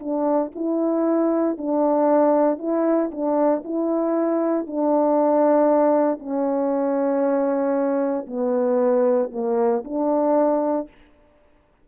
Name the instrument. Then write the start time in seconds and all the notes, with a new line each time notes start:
horn
0.00 D4
0.55 E4
1.58 D4
2.59 E4
3.11 D4
3.65 E4
4.67 D4
6.20 C#4
8.27 B3
9.32 A#3
9.85 D4